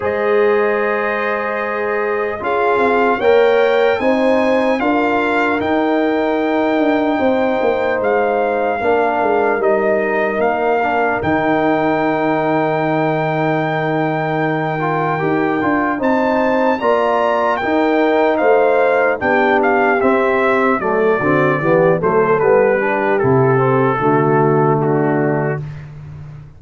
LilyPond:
<<
  \new Staff \with { instrumentName = "trumpet" } { \time 4/4 \tempo 4 = 75 dis''2. f''4 | g''4 gis''4 f''4 g''4~ | g''2 f''2 | dis''4 f''4 g''2~ |
g''1 | a''4 ais''4 g''4 f''4 | g''8 f''8 e''4 d''4. c''8 | b'4 a'2 fis'4 | }
  \new Staff \with { instrumentName = "horn" } { \time 4/4 c''2. gis'4 | cis''4 c''4 ais'2~ | ais'4 c''2 ais'4~ | ais'1~ |
ais'1 | c''4 d''4 ais'4 c''4 | g'2 a'8 fis'8 g'8 a'8~ | a'8 g'4. fis'4 d'4 | }
  \new Staff \with { instrumentName = "trombone" } { \time 4/4 gis'2. f'4 | ais'4 dis'4 f'4 dis'4~ | dis'2. d'4 | dis'4. d'8 dis'2~ |
dis'2~ dis'8 f'8 g'8 f'8 | dis'4 f'4 dis'2 | d'4 c'4 a8 c'8 b8 a8 | b8 d'8 e'8 c'8 a2 | }
  \new Staff \with { instrumentName = "tuba" } { \time 4/4 gis2. cis'8 c'8 | ais4 c'4 d'4 dis'4~ | dis'8 d'8 c'8 ais8 gis4 ais8 gis8 | g4 ais4 dis2~ |
dis2. dis'8 d'8 | c'4 ais4 dis'4 a4 | b4 c'4 fis8 d8 e8 fis8 | g4 c4 d2 | }
>>